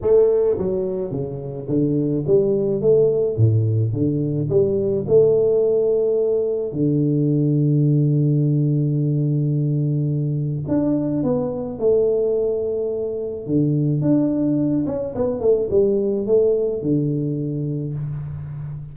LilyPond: \new Staff \with { instrumentName = "tuba" } { \time 4/4 \tempo 4 = 107 a4 fis4 cis4 d4 | g4 a4 a,4 d4 | g4 a2. | d1~ |
d2. d'4 | b4 a2. | d4 d'4. cis'8 b8 a8 | g4 a4 d2 | }